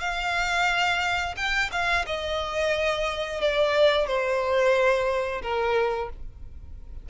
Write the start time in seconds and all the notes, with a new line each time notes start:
0.00 F5
1.37 G5
1.72 F5
2.06 D#5
3.41 D5
4.07 C5
5.42 A#4